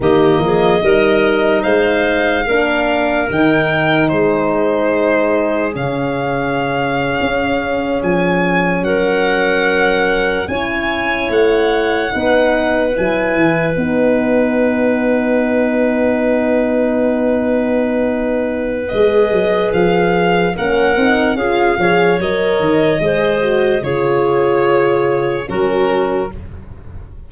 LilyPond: <<
  \new Staff \with { instrumentName = "violin" } { \time 4/4 \tempo 4 = 73 dis''2 f''2 | g''4 c''2 f''4~ | f''4.~ f''16 gis''4 fis''4~ fis''16~ | fis''8. gis''4 fis''2 gis''16~ |
gis''8. fis''2.~ fis''16~ | fis''2. dis''4 | f''4 fis''4 f''4 dis''4~ | dis''4 cis''2 ais'4 | }
  \new Staff \with { instrumentName = "clarinet" } { \time 4/4 g'8 gis'8 ais'4 c''4 ais'4~ | ais'4 gis'2.~ | gis'2~ gis'8. ais'4~ ais'16~ | ais'8. cis''2 b'4~ b'16~ |
b'1~ | b'1~ | b'4 ais'4 gis'8 cis''4. | c''4 gis'2 fis'4 | }
  \new Staff \with { instrumentName = "horn" } { \time 4/4 ais4 dis'2 d'4 | dis'2. cis'4~ | cis'1~ | cis'8. e'2 dis'4 e'16~ |
e'8. dis'2.~ dis'16~ | dis'2. gis'4~ | gis'4 cis'8 dis'8 f'8 gis'8 ais'4 | gis'8 fis'8 f'2 cis'4 | }
  \new Staff \with { instrumentName = "tuba" } { \time 4/4 dis8 f8 g4 gis4 ais4 | dis4 gis2 cis4~ | cis8. cis'4 f4 fis4~ fis16~ | fis8. cis'4 a4 b4 fis16~ |
fis16 e8 b2.~ b16~ | b2. gis8 fis8 | f4 ais8 c'8 cis'8 f8 fis8 dis8 | gis4 cis2 fis4 | }
>>